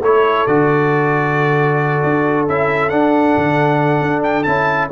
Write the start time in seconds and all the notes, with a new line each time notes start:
0.00 A3 E4 A4 C#5
0.46 D3 F#4 D5
2.03 D4
2.48 C#4 E4 E5
2.89 D4 F#5
3.36 D3
4.01 D4
4.23 G5
4.43 C#4 E4 A5